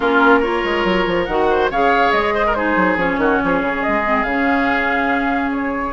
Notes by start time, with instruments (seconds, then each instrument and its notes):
0.00 bassoon A#3, clarinet C#4, oboe F4, flute A#4
0.39 clarinet F4, oboe A#4, flute C#5
0.64 bassoon G#3
0.84 bassoon F#3
1.06 bassoon F3
1.25 bassoon D#3, clarinet F#4, flute F#5
1.50 oboe C5
1.70 bassoon C#3, clarinet G#4, oboe C#5, flute F5
2.11 bassoon G#3, flute D#5
2.34 oboe C5
2.46 oboe A#4
2.54 clarinet D#4, oboe G#4, flute C5
2.76 bassoon F#3
2.96 bassoon F3, clarinet C#4, flute C#5
3.17 bassoon D#3, oboe F#4
3.43 bassoon F3, oboe G#4
3.61 bassoon C#3
3.83 bassoon G#3, flute D#5
4.04 clarinet C4
4.23 bassoon C#3, clarinet C#4, flute F5
5.52 flute C#5